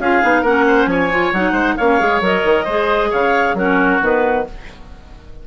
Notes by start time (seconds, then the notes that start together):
0.00 C#4 F4 G#4 F5
0.22 B3 D#4
0.42 A#3 C#4 A#4 F#5
0.68 C5
0.86 F3 C#5 G#5
1.11 F4
1.33 F#3 D#4 F#5
1.52 G#3 C5
1.77 A#3 C#4 C#5 F5
2.00 G#3 G#4
2.21 F#3 A#4 D#5
2.44 D#3
2.65 G#3 G#4 C5
3.11 C#3 C#5 F5
3.55 F#3 C#4 F#4 A#4
4.01 D#3 B3 B4